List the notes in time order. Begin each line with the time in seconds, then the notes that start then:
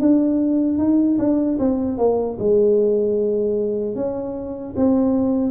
0.00 D4
0.78 D#4
1.19 D4
1.59 C4
1.98 A#3
2.39 G#3
3.95 C#4
4.76 C4